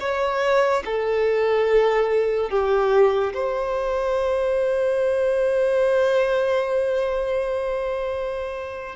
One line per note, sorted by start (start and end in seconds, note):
0.00 0.83 C#5
0.85 2.50 A4
2.50 3.33 G4
3.34 8.96 C5